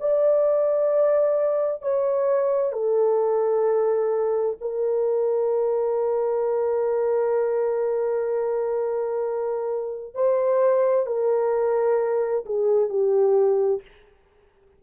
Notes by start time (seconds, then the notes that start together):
0.00 D5
1.82 C#5
2.72 A4
4.61 A#4
10.14 C5
11.06 A#4
12.46 G#4
12.89 G4